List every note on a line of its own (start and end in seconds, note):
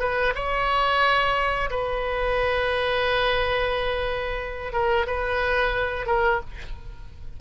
0.00 0.34 B4
0.35 1.70 C#5
1.70 4.73 B4
4.73 5.06 A#4
5.07 6.06 B4
6.06 6.40 A#4